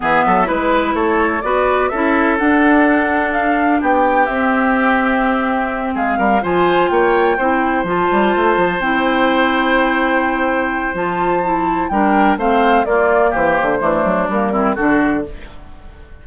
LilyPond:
<<
  \new Staff \with { instrumentName = "flute" } { \time 4/4 \tempo 4 = 126 e''4 b'4 cis''4 d''4 | e''4 fis''2 f''4 | g''4 e''2.~ | e''8 f''4 gis''4 g''4.~ |
g''8 a''2 g''4.~ | g''2. a''4~ | a''4 g''4 f''4 d''4 | c''2 ais'4 a'4 | }
  \new Staff \with { instrumentName = "oboe" } { \time 4/4 gis'8 a'8 b'4 a'4 b'4 | a'1 | g'1~ | g'8 gis'8 ais'8 c''4 cis''4 c''8~ |
c''1~ | c''1~ | c''4 ais'4 c''4 f'4 | g'4 d'4. e'8 fis'4 | }
  \new Staff \with { instrumentName = "clarinet" } { \time 4/4 b4 e'2 fis'4 | e'4 d'2.~ | d'4 c'2.~ | c'4. f'2 e'8~ |
e'8 f'2 e'4.~ | e'2. f'4 | e'4 d'4 c'4 ais4~ | ais4 a4 ais8 c'8 d'4 | }
  \new Staff \with { instrumentName = "bassoon" } { \time 4/4 e8 fis8 gis4 a4 b4 | cis'4 d'2. | b4 c'2.~ | c'8 gis8 g8 f4 ais4 c'8~ |
c'8 f8 g8 a8 f8 c'4.~ | c'2. f4~ | f4 g4 a4 ais4 | e8 d8 e8 fis8 g4 d4 | }
>>